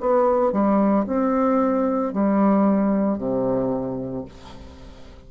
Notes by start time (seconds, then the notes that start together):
0.00 B3
0.52 G3
1.06 C4
2.13 G3
3.18 C3